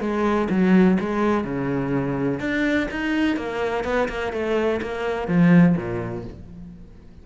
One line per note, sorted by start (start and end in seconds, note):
0.00 0.48 G#3
0.50 0.98 F#3
1.00 1.44 G#3
1.44 2.40 C#3
2.40 2.88 D4
2.91 3.36 D#4
3.36 3.84 A#3
3.84 4.08 B3
4.08 4.32 A#3
4.33 4.81 A3
4.82 5.28 A#3
5.28 5.76 F3
5.76 6.24 A#2